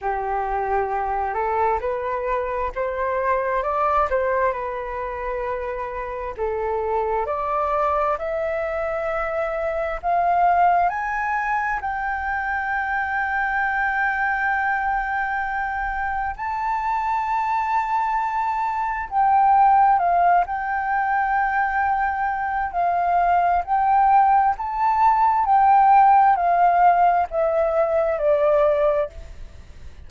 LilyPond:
\new Staff \with { instrumentName = "flute" } { \time 4/4 \tempo 4 = 66 g'4. a'8 b'4 c''4 | d''8 c''8 b'2 a'4 | d''4 e''2 f''4 | gis''4 g''2.~ |
g''2 a''2~ | a''4 g''4 f''8 g''4.~ | g''4 f''4 g''4 a''4 | g''4 f''4 e''4 d''4 | }